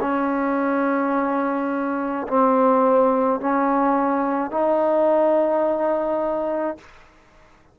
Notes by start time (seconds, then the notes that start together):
0.00 C#4
2.27 C4
3.40 C#4
4.51 D#4